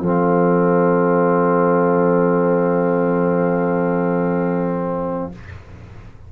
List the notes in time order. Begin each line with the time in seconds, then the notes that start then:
0.00 F3 C4 A4 F5